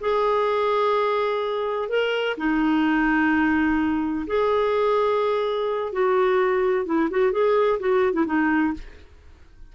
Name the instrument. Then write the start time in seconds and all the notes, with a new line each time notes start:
clarinet
0.00 G#4
1.89 A#4
2.37 D#4
4.26 G#4
5.92 F#4
6.85 E4
7.10 F#4
7.32 G#4
7.79 F#4
8.13 E4
8.26 D#4